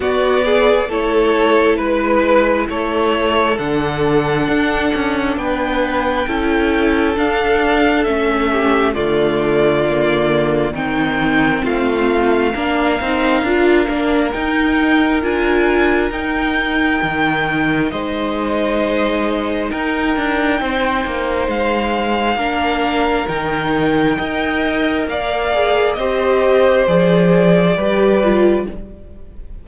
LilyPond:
<<
  \new Staff \with { instrumentName = "violin" } { \time 4/4 \tempo 4 = 67 d''4 cis''4 b'4 cis''4 | fis''2 g''2 | f''4 e''4 d''2 | g''4 f''2. |
g''4 gis''4 g''2 | dis''2 g''2 | f''2 g''2 | f''4 dis''4 d''2 | }
  \new Staff \with { instrumentName = "violin" } { \time 4/4 fis'8 gis'8 a'4 b'4 a'4~ | a'2 b'4 a'4~ | a'4. g'8 f'2 | dis'4 f'4 ais'2~ |
ais'1 | c''2 ais'4 c''4~ | c''4 ais'2 dis''4 | d''4 c''2 b'4 | }
  \new Staff \with { instrumentName = "viola" } { \time 4/4 b4 e'2. | d'2. e'4 | d'4 cis'4 a4 ais4 | c'2 d'8 dis'8 f'8 d'8 |
dis'4 f'4 dis'2~ | dis'1~ | dis'4 d'4 dis'4 ais'4~ | ais'8 gis'8 g'4 gis'4 g'8 f'8 | }
  \new Staff \with { instrumentName = "cello" } { \time 4/4 b4 a4 gis4 a4 | d4 d'8 cis'8 b4 cis'4 | d'4 a4 d2 | dis4 a4 ais8 c'8 d'8 ais8 |
dis'4 d'4 dis'4 dis4 | gis2 dis'8 d'8 c'8 ais8 | gis4 ais4 dis4 dis'4 | ais4 c'4 f4 g4 | }
>>